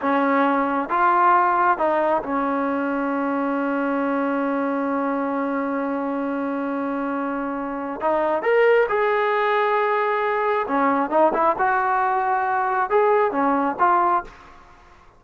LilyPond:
\new Staff \with { instrumentName = "trombone" } { \time 4/4 \tempo 4 = 135 cis'2 f'2 | dis'4 cis'2.~ | cis'1~ | cis'1~ |
cis'2 dis'4 ais'4 | gis'1 | cis'4 dis'8 e'8 fis'2~ | fis'4 gis'4 cis'4 f'4 | }